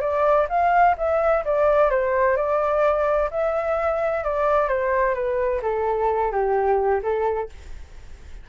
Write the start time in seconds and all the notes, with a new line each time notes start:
0.00 D5
0.49 F5
0.97 E5
1.44 D5
1.90 C5
2.36 D5
3.31 E5
4.24 D5
4.68 C5
5.14 B4
5.62 A4
6.31 G4
7.02 A4